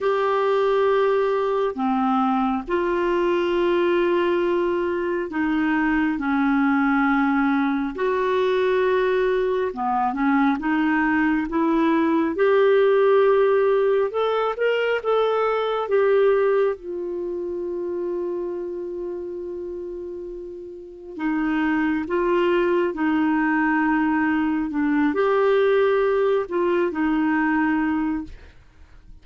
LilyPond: \new Staff \with { instrumentName = "clarinet" } { \time 4/4 \tempo 4 = 68 g'2 c'4 f'4~ | f'2 dis'4 cis'4~ | cis'4 fis'2 b8 cis'8 | dis'4 e'4 g'2 |
a'8 ais'8 a'4 g'4 f'4~ | f'1 | dis'4 f'4 dis'2 | d'8 g'4. f'8 dis'4. | }